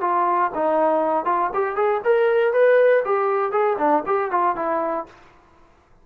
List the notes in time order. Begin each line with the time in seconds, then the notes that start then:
0.00 F4
0.54 D#4
1.25 F4
1.53 G4
1.75 G#4
2.04 A#4
2.53 B4
3.05 G4
3.51 G#4
3.78 D4
4.06 G4
4.30 F4
4.55 E4